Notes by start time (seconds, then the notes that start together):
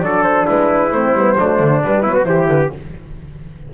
0.00 F#3 D4 A4 D5
0.23 C5
0.46 G#3 E4 B4
0.91 A3 C4 C5
1.13 G3 B3
1.37 F#3 A3 D4
1.60 D3
1.84 G3 B4
2.03 F#3 B3 E4
2.14 F#4
2.24 E3 E4 G4 C5
2.48 D3 B4